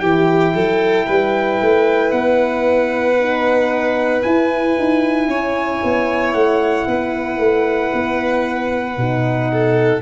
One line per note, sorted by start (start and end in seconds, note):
0.00 0.54 E3
0.00 3.16 E4
0.00 0.54 G4
0.00 2.11 G5
0.54 1.06 F#3
0.54 1.06 A4
1.06 1.61 G3
1.06 5.27 B4
1.61 2.12 A3
2.11 4.22 B3
2.11 4.22 F#5
3.19 4.23 D#4
4.22 8.96 E4
4.22 4.78 E4
4.22 6.33 G#5
4.79 5.27 D#4
5.27 5.80 C#4
5.27 6.87 C#5
5.84 6.34 B3
6.33 6.86 A3
6.33 10.02 F#5
6.87 7.38 B3
6.87 9.51 B4
7.38 7.91 A3
7.93 8.97 B3
8.97 10.02 B2
8.97 10.02 D#4
9.52 10.02 A4